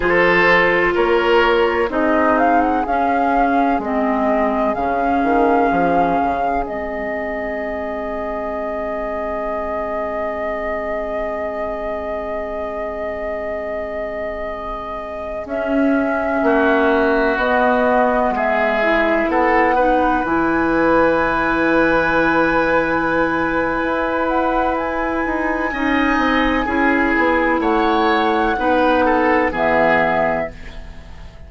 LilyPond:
<<
  \new Staff \with { instrumentName = "flute" } { \time 4/4 \tempo 4 = 63 c''4 cis''4 dis''8 f''16 fis''16 f''4 | dis''4 f''2 dis''4~ | dis''1~ | dis''1~ |
dis''16 e''2 dis''4 e''8.~ | e''16 fis''4 gis''2~ gis''8.~ | gis''4. fis''8 gis''2~ | gis''4 fis''2 e''4 | }
  \new Staff \with { instrumentName = "oboe" } { \time 4/4 a'4 ais'4 gis'2~ | gis'1~ | gis'1~ | gis'1~ |
gis'4~ gis'16 fis'2 gis'8.~ | gis'16 a'8 b'2.~ b'16~ | b'2. dis''4 | gis'4 cis''4 b'8 a'8 gis'4 | }
  \new Staff \with { instrumentName = "clarinet" } { \time 4/4 f'2 dis'4 cis'4 | c'4 cis'2 c'4~ | c'1~ | c'1~ |
c'16 cis'2 b4. e'16~ | e'8. dis'8 e'2~ e'8.~ | e'2. dis'4 | e'2 dis'4 b4 | }
  \new Staff \with { instrumentName = "bassoon" } { \time 4/4 f4 ais4 c'4 cis'4 | gis4 cis8 dis8 f8 cis8 gis4~ | gis1~ | gis1~ |
gis16 cis'4 ais4 b4 gis8.~ | gis16 b4 e2~ e8.~ | e4 e'4. dis'8 cis'8 c'8 | cis'8 b8 a4 b4 e4 | }
>>